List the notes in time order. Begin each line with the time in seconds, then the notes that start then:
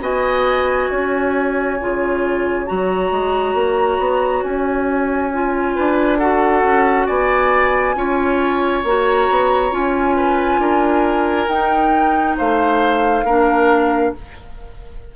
0.00 B3 F#4 D#5 G#5
0.90 C#4 C#5
1.80 C#3 F4
2.66 F#3 F#4 A#5
3.11 G#3
3.54 A#3
3.98 B3
4.43 C#4 G#5
5.33 F4
5.75 D4 B4
6.18 F#4 A4 F#5
6.63 C#4
7.06 B3 D5 G#5
7.94 C#4 F4 C#5
8.83 A#3 F#4 A#5
9.30 B3
9.70 C#4 F4 G#5
10.16 B4
10.58 D4 A#4
11.48 D#4 G5
12.37 A3 C5 F5
13.23 A#3 D4 A#4